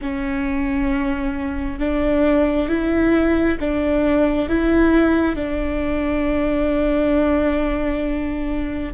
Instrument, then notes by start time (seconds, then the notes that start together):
viola
0.01 C#4
1.79 D4
2.68 E4
3.59 D4
4.48 E4
5.35 D4